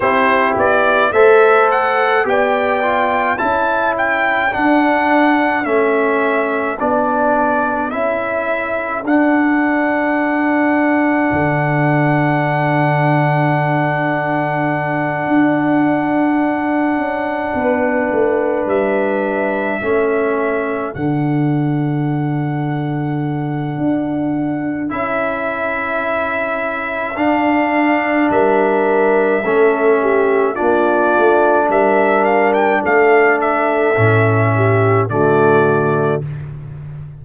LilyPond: <<
  \new Staff \with { instrumentName = "trumpet" } { \time 4/4 \tempo 4 = 53 c''8 d''8 e''8 fis''8 g''4 a''8 g''8 | fis''4 e''4 d''4 e''4 | fis''1~ | fis''1~ |
fis''8 e''2 fis''4.~ | fis''2 e''2 | f''4 e''2 d''4 | e''8 f''16 g''16 f''8 e''4. d''4 | }
  \new Staff \with { instrumentName = "horn" } { \time 4/4 g'4 c''4 d''4 a'4~ | a'1~ | a'1~ | a'2.~ a'8 b'8~ |
b'4. a'2~ a'8~ | a'1~ | a'4 ais'4 a'8 g'8 f'4 | ais'4 a'4. g'8 fis'4 | }
  \new Staff \with { instrumentName = "trombone" } { \time 4/4 e'4 a'4 g'8 f'8 e'4 | d'4 cis'4 d'4 e'4 | d'1~ | d'1~ |
d'4. cis'4 d'4.~ | d'2 e'2 | d'2 cis'4 d'4~ | d'2 cis'4 a4 | }
  \new Staff \with { instrumentName = "tuba" } { \time 4/4 c'8 b8 a4 b4 cis'4 | d'4 a4 b4 cis'4 | d'2 d2~ | d4. d'4. cis'8 b8 |
a8 g4 a4 d4.~ | d4 d'4 cis'2 | d'4 g4 a4 ais8 a8 | g4 a4 a,4 d4 | }
>>